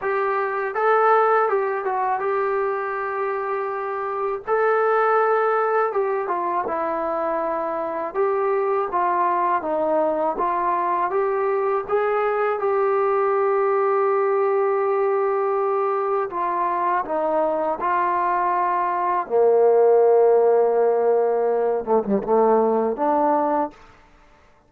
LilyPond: \new Staff \with { instrumentName = "trombone" } { \time 4/4 \tempo 4 = 81 g'4 a'4 g'8 fis'8 g'4~ | g'2 a'2 | g'8 f'8 e'2 g'4 | f'4 dis'4 f'4 g'4 |
gis'4 g'2.~ | g'2 f'4 dis'4 | f'2 ais2~ | ais4. a16 g16 a4 d'4 | }